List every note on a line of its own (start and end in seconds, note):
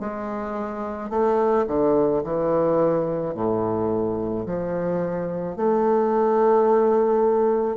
0.00 1.10 G#3
1.10 1.66 A3
1.67 2.23 D3
2.24 3.34 E3
3.34 4.45 A2
4.46 5.56 F3
5.56 7.77 A3